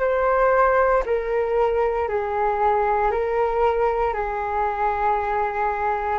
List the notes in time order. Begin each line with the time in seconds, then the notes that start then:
0.00 C5
1.06 A#4
2.09 G#4
3.11 A#4
4.14 G#4